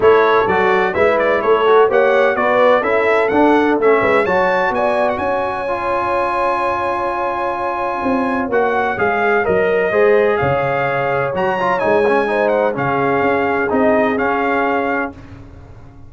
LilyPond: <<
  \new Staff \with { instrumentName = "trumpet" } { \time 4/4 \tempo 4 = 127 cis''4 d''4 e''8 d''8 cis''4 | fis''4 d''4 e''4 fis''4 | e''4 a''4 gis''8. fis''16 gis''4~ | gis''1~ |
gis''2 fis''4 f''4 | dis''2 f''2 | ais''4 gis''4. fis''8 f''4~ | f''4 dis''4 f''2 | }
  \new Staff \with { instrumentName = "horn" } { \time 4/4 a'2 b'4 a'4 | cis''4 b'4 a'2~ | a'8 b'8 cis''4 d''4 cis''4~ | cis''1~ |
cis''1~ | cis''4 c''4 cis''2~ | cis''2 c''4 gis'4~ | gis'1 | }
  \new Staff \with { instrumentName = "trombone" } { \time 4/4 e'4 fis'4 e'4. fis'8 | g'4 fis'4 e'4 d'4 | cis'4 fis'2. | f'1~ |
f'2 fis'4 gis'4 | ais'4 gis'2. | fis'8 f'8 dis'8 cis'8 dis'4 cis'4~ | cis'4 dis'4 cis'2 | }
  \new Staff \with { instrumentName = "tuba" } { \time 4/4 a4 fis4 gis4 a4 | ais4 b4 cis'4 d'4 | a8 gis8 fis4 b4 cis'4~ | cis'1~ |
cis'4 c'4 ais4 gis4 | fis4 gis4 cis2 | fis4 gis2 cis4 | cis'4 c'4 cis'2 | }
>>